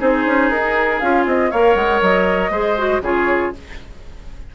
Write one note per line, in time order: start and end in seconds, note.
0.00 0.26 C4
0.00 1.01 D#4
0.00 1.51 G#4
0.00 0.50 C5
0.26 0.50 C#4
0.50 1.01 D#4
0.50 1.00 A#4
1.00 1.26 C#4
1.00 1.52 F4
1.00 1.25 F5
1.26 1.51 C4
1.26 1.51 D#5
1.51 1.75 A#3
1.51 2.52 A#4
1.51 2.52 C#5
1.51 1.76 F5
1.75 2.01 G#3
1.75 2.01 F#5
2.02 2.50 F#3
2.02 3.02 D#5
2.50 3.01 G#3
2.50 2.77 G#4
2.50 3.02 C5
2.78 3.03 F#4
3.01 3.52 C#3
3.01 3.54 F4
3.01 3.54 G#4
3.01 3.55 C#5